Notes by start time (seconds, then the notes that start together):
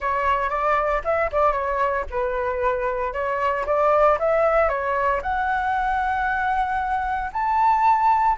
0.00 C#5
0.49 D5
1.04 E5
1.32 D5
1.52 C#5
2.10 B4
3.13 C#5
3.66 D5
4.19 E5
4.68 C#5
5.22 F#5
7.32 A5